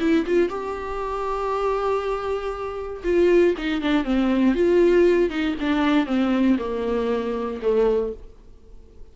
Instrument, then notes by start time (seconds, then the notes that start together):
viola
0.00 E4
0.26 F4
0.49 G4
3.04 F4
3.58 D#4
3.82 D4
4.04 C4
4.55 F4
5.30 D#4
5.60 D4
6.06 C4
6.59 A#3
7.62 A3